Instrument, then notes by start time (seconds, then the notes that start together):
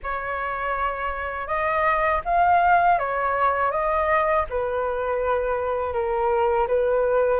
flute
0.03 C#5
1.46 D#5
2.24 F5
2.98 C#5
3.71 D#5
4.49 B4
5.93 A#4
6.67 B4